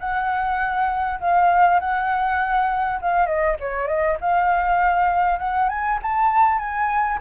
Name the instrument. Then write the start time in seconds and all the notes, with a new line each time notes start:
flute
0.00 F#5
1.21 F5
1.80 F#5
3.01 F5
3.26 D#5
3.60 C#5
3.88 D#5
4.21 F5
5.39 F#5
5.69 G#5
6.02 A5
6.58 G#5